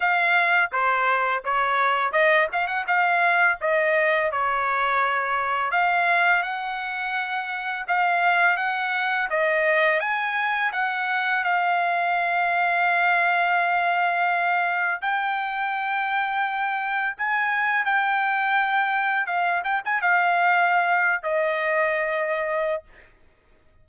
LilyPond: \new Staff \with { instrumentName = "trumpet" } { \time 4/4 \tempo 4 = 84 f''4 c''4 cis''4 dis''8 f''16 fis''16 | f''4 dis''4 cis''2 | f''4 fis''2 f''4 | fis''4 dis''4 gis''4 fis''4 |
f''1~ | f''4 g''2. | gis''4 g''2 f''8 g''16 gis''16 | f''4.~ f''16 dis''2~ dis''16 | }